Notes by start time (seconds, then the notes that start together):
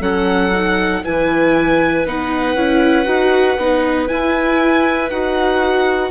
0.00 F#3 C#4 A4 F#5
0.53 D#4
1.04 E3 E4 B4 G#5
2.06 B3 D#4 F#5
2.55 C#4 E4
3.05 D#4 F#4
3.57 B3 D#4
4.08 E4 G#5
5.10 D#4 F#4 F#5